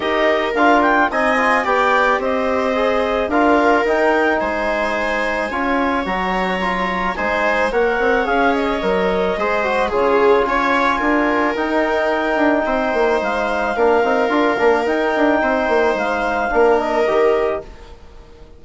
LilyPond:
<<
  \new Staff \with { instrumentName = "clarinet" } { \time 4/4 \tempo 4 = 109 dis''4 f''8 g''8 gis''4 g''4 | dis''2 f''4 g''4 | gis''2. ais''4~ | ais''4 gis''4 fis''4 f''8 dis''8~ |
dis''2 cis''4 gis''4~ | gis''4 g''2. | f''2. g''4~ | g''4 f''4. dis''4. | }
  \new Staff \with { instrumentName = "viola" } { \time 4/4 ais'2 dis''4 d''4 | c''2 ais'2 | c''2 cis''2~ | cis''4 c''4 cis''2~ |
cis''4 c''4 gis'4 cis''4 | ais'2. c''4~ | c''4 ais'2. | c''2 ais'2 | }
  \new Staff \with { instrumentName = "trombone" } { \time 4/4 g'4 f'4 dis'8 f'8 g'4~ | g'4 gis'4 f'4 dis'4~ | dis'2 f'4 fis'4 | f'4 dis'4 ais'4 gis'4 |
ais'4 gis'8 fis'8 f'2~ | f'4 dis'2.~ | dis'4 d'8 dis'8 f'8 d'8 dis'4~ | dis'2 d'4 g'4 | }
  \new Staff \with { instrumentName = "bassoon" } { \time 4/4 dis'4 d'4 c'4 b4 | c'2 d'4 dis'4 | gis2 cis'4 fis4~ | fis4 gis4 ais8 c'8 cis'4 |
fis4 gis4 cis4 cis'4 | d'4 dis'4. d'8 c'8 ais8 | gis4 ais8 c'8 d'8 ais8 dis'8 d'8 | c'8 ais8 gis4 ais4 dis4 | }
>>